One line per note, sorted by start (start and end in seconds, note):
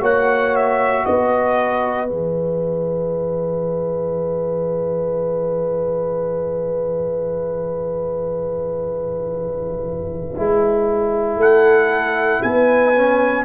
0.00 1.05 A#3
0.00 2.06 F#4
0.00 1.03 C#5
0.00 0.55 F#5
0.55 1.05 E5
1.05 2.10 B3
1.05 11.39 B4
1.05 2.08 D#5
2.06 10.38 E3
2.06 10.34 G#4
2.06 11.39 E5
10.35 11.36 G#3
10.35 12.94 E4
11.36 12.40 A3
11.36 12.42 A4
11.36 12.42 F#5
12.42 13.45 B3
12.42 13.45 B4
12.42 13.45 G#5
12.95 13.45 C#4